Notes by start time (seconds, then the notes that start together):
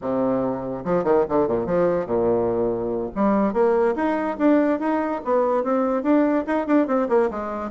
0.01 C3
0.84 F3
1.04 D#3
1.28 D3
1.47 A#2
1.66 F3
2.06 A#2
3.15 G3
3.53 A#3
3.95 D#4
4.37 D4
4.79 D#4
5.24 B3
5.63 C4
6.02 D4
6.46 D#4
6.66 D4
6.87 C4
7.08 A#3
7.30 G#3